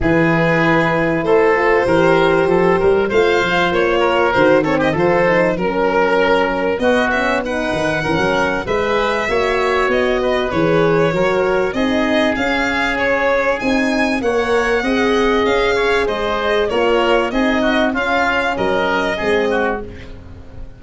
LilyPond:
<<
  \new Staff \with { instrumentName = "violin" } { \time 4/4 \tempo 4 = 97 b'2 c''2~ | c''4 f''4 cis''4 c''8 cis''16 dis''16 | c''4 ais'2 dis''8 e''8 | fis''2 e''2 |
dis''4 cis''2 dis''4 | f''4 cis''4 gis''4 fis''4~ | fis''4 f''4 dis''4 cis''4 | dis''4 f''4 dis''2 | }
  \new Staff \with { instrumentName = "oboe" } { \time 4/4 gis'2 a'4 ais'4 | a'8 ais'8 c''4. ais'4 a'16 g'16 | a'4 ais'2 fis'4 | b'4 ais'4 b'4 cis''4~ |
cis''8 b'4. ais'4 gis'4~ | gis'2. cis''4 | dis''4. cis''8 c''4 ais'4 | gis'8 fis'8 f'4 ais'4 gis'8 fis'8 | }
  \new Staff \with { instrumentName = "horn" } { \time 4/4 e'2~ e'8 f'8 g'4~ | g'4 f'2 fis'8 c'8 | f'8 dis'8 cis'2 b8 cis'8 | dis'4 cis'4 gis'4 fis'4~ |
fis'4 gis'4 fis'4 dis'4 | cis'2 dis'4 ais'4 | gis'2. f'4 | dis'4 cis'2 c'4 | }
  \new Staff \with { instrumentName = "tuba" } { \time 4/4 e2 a4 e4 | f8 g8 a8 f8 ais4 dis4 | f4 fis2 b4~ | b8 dis8 e16 fis8. gis4 ais4 |
b4 e4 fis4 c'4 | cis'2 c'4 ais4 | c'4 cis'4 gis4 ais4 | c'4 cis'4 fis4 gis4 | }
>>